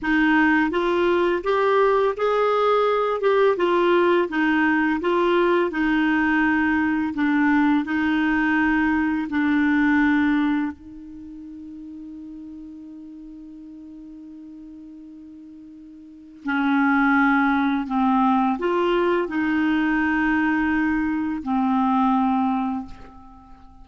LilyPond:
\new Staff \with { instrumentName = "clarinet" } { \time 4/4 \tempo 4 = 84 dis'4 f'4 g'4 gis'4~ | gis'8 g'8 f'4 dis'4 f'4 | dis'2 d'4 dis'4~ | dis'4 d'2 dis'4~ |
dis'1~ | dis'2. cis'4~ | cis'4 c'4 f'4 dis'4~ | dis'2 c'2 | }